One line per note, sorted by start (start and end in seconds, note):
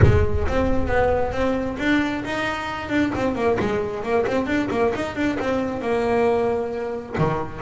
0.02 0.47 G#3
0.47 0.87 C4
0.87 1.31 B3
1.31 1.76 C4
1.79 2.24 D4
2.24 2.89 D#4
2.89 3.11 D4
3.15 3.35 C4
3.35 3.57 A#3
3.59 4.03 G#3
4.03 4.25 A#3
4.26 4.46 C4
4.46 4.68 D4
4.70 4.93 A#3
4.95 5.15 D#4
5.15 5.38 D4
5.39 5.81 C4
5.81 7.15 A#3
7.18 7.62 D#3